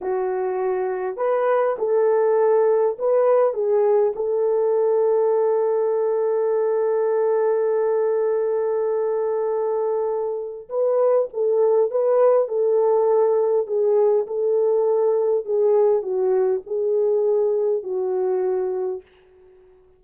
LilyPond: \new Staff \with { instrumentName = "horn" } { \time 4/4 \tempo 4 = 101 fis'2 b'4 a'4~ | a'4 b'4 gis'4 a'4~ | a'1~ | a'1~ |
a'2 b'4 a'4 | b'4 a'2 gis'4 | a'2 gis'4 fis'4 | gis'2 fis'2 | }